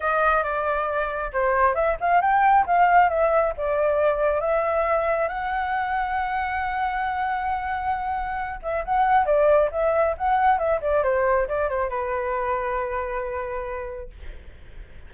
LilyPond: \new Staff \with { instrumentName = "flute" } { \time 4/4 \tempo 4 = 136 dis''4 d''2 c''4 | e''8 f''8 g''4 f''4 e''4 | d''2 e''2 | fis''1~ |
fis''2.~ fis''8 e''8 | fis''4 d''4 e''4 fis''4 | e''8 d''8 c''4 d''8 c''8 b'4~ | b'1 | }